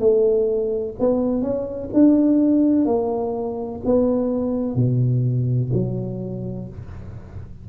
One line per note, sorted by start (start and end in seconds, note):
0.00 0.95 A3
1.00 1.42 B3
1.42 1.90 C#4
1.94 2.86 D4
2.86 3.81 A#3
3.86 4.76 B3
4.76 5.71 B2
5.74 6.69 F#3